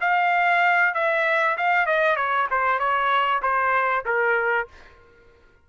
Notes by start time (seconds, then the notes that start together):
0.00 F5
0.94 E5
1.57 F5
1.86 D#5
2.16 C#5
2.50 C5
2.78 C#5
3.42 C5
4.05 A#4